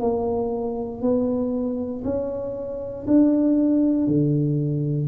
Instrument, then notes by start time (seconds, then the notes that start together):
tuba
0.00 A#3
1.02 B3
2.04 C#4
3.07 D4
4.07 D3